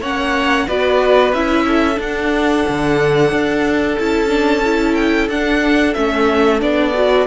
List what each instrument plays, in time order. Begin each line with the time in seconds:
0.00 cello A#3, viola C#4, violin C#5 F#5
0.66 cello B3, viola F#4, violin B4 D5
1.32 cello C#4, viola E4, violin E5
1.67 violin A4
1.95 viola D4, cello D4
2.01 violin F#5
2.68 cello D3
3.31 cello D4
3.98 cello C#4, viola E4, violin A5
4.28 viola D4
4.64 viola E4
4.94 violin G5
5.28 cello D4, viola D4, violin F#5
5.93 cello A3, viola C#4, violin E5
6.60 cello B3, viola D4, violin D5
6.93 viola F#4